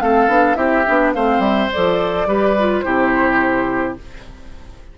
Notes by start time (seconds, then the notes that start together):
0.00 A3 C4 A4 F5
0.28 B3 D4
0.55 C4 E4 G4 E5
0.87 B3 D4
1.14 A3 C4 C5 F5
1.39 G3 E5
1.72 F3 A4 D5
2.26 G3 G4 B4
2.59 F4
2.81 C3 E4 G4 C5